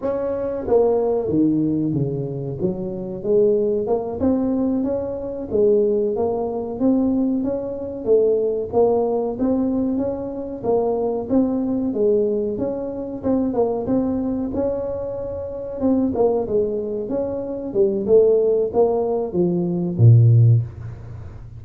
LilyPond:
\new Staff \with { instrumentName = "tuba" } { \time 4/4 \tempo 4 = 93 cis'4 ais4 dis4 cis4 | fis4 gis4 ais8 c'4 cis'8~ | cis'8 gis4 ais4 c'4 cis'8~ | cis'8 a4 ais4 c'4 cis'8~ |
cis'8 ais4 c'4 gis4 cis'8~ | cis'8 c'8 ais8 c'4 cis'4.~ | cis'8 c'8 ais8 gis4 cis'4 g8 | a4 ais4 f4 ais,4 | }